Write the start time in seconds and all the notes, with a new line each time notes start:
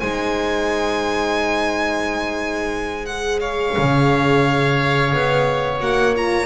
0.00 G#3 D#4 C5 G#5
3.06 G#4 F#5
3.40 C#5 F5
3.78 C#3
5.14 B3
5.81 A#3 F#4 F#5
6.15 F4 A#5